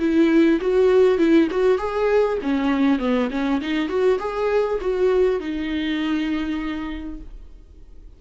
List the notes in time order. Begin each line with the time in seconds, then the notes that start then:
0.00 E4
0.61 F#4
1.18 E4
1.51 F#4
1.78 G#4
2.43 C#4
2.99 B3
3.31 C#4
3.62 D#4
3.89 F#4
4.19 G#4
4.81 F#4
5.41 D#4